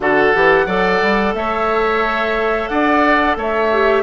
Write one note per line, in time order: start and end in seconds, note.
0.00 0.33 D3
0.00 0.33 F#4
0.00 0.66 A4
0.00 1.34 F#5
0.33 0.66 E3
0.33 0.67 G4
0.66 1.00 F#3
0.66 3.70 A4
0.66 1.33 D5
1.02 1.33 G3
1.33 2.68 A3
1.33 2.70 C#5
1.33 2.68 E5
2.68 3.36 D4
2.68 3.37 D5
2.68 3.35 F#5
3.36 4.03 A3
3.36 4.03 C#5
3.36 4.03 E5
3.72 4.03 G4